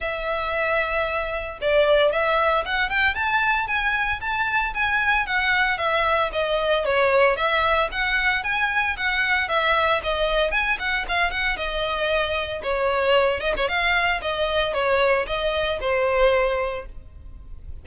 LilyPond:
\new Staff \with { instrumentName = "violin" } { \time 4/4 \tempo 4 = 114 e''2. d''4 | e''4 fis''8 g''8 a''4 gis''4 | a''4 gis''4 fis''4 e''4 | dis''4 cis''4 e''4 fis''4 |
gis''4 fis''4 e''4 dis''4 | gis''8 fis''8 f''8 fis''8 dis''2 | cis''4. dis''16 cis''16 f''4 dis''4 | cis''4 dis''4 c''2 | }